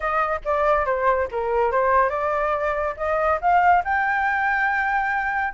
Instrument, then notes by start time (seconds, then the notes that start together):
flute
0.00 D#5
0.44 D5
0.85 C5
1.31 A#4
1.71 C5
2.09 D5
2.97 D#5
3.41 F5
3.84 G5